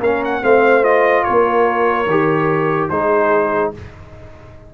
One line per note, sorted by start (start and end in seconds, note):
0.00 0.41 A#3
0.00 0.41 C#4
0.00 0.41 A#4
0.00 0.23 F5
0.24 0.44 F#5
0.41 1.24 A3
0.41 0.82 C4
0.41 1.25 C5
0.41 0.84 F5
0.82 2.05 F4
0.82 1.23 D#5
1.23 2.06 A#3
1.23 2.91 A#4
1.23 2.88 C#5
2.06 2.88 D#3
2.06 2.91 G4
2.89 3.73 G#3
2.89 3.73 D#4
2.89 3.73 G#4
2.89 3.71 C5